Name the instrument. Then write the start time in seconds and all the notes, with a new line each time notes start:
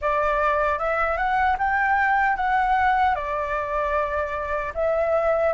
flute
0.01 D5
0.79 E5
1.17 F#5
1.58 G5
2.36 F#5
3.15 D5
4.74 E5